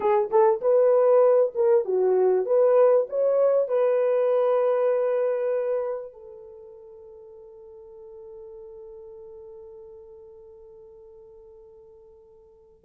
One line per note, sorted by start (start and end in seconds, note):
0.00 0.29 G#4
0.30 0.61 A4
0.61 1.53 B4
1.54 1.85 A#4
1.85 2.45 F#4
2.45 3.06 B4
3.09 3.68 C#5
3.68 6.13 B4
6.13 12.84 A4